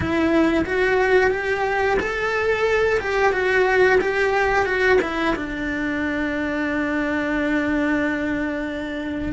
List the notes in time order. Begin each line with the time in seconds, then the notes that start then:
0.00 E4
0.65 F#4
1.30 G4
1.99 A4
2.99 G4
3.32 F#4
4.00 G4
4.65 F#4
5.02 E4
5.35 D4